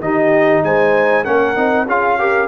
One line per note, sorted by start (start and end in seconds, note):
0.00 0.62 D#3
0.00 1.25 D#4
0.00 0.64 G4
0.00 0.64 D#5
0.63 1.26 G#3
0.63 1.24 C5
0.63 1.24 G#5
1.24 1.57 A#3
1.24 1.55 C#4
1.24 1.86 A#4
1.24 1.87 F#5
1.55 1.86 C4
1.55 1.86 D#4
1.86 2.47 C#4
1.86 2.19 F4
1.86 2.18 G#4
1.86 2.47 F5
2.19 2.47 G4
2.19 2.47 A#4